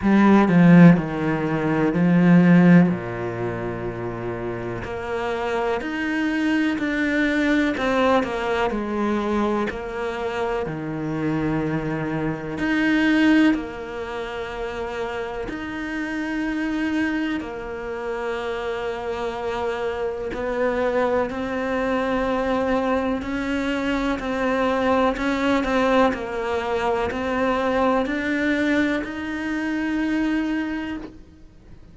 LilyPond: \new Staff \with { instrumentName = "cello" } { \time 4/4 \tempo 4 = 62 g8 f8 dis4 f4 ais,4~ | ais,4 ais4 dis'4 d'4 | c'8 ais8 gis4 ais4 dis4~ | dis4 dis'4 ais2 |
dis'2 ais2~ | ais4 b4 c'2 | cis'4 c'4 cis'8 c'8 ais4 | c'4 d'4 dis'2 | }